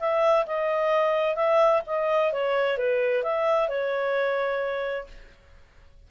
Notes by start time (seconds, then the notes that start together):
0.00 E5
0.47 D#5
1.36 E5
1.87 D#5
2.33 C#5
2.78 B4
3.24 E5
3.69 C#5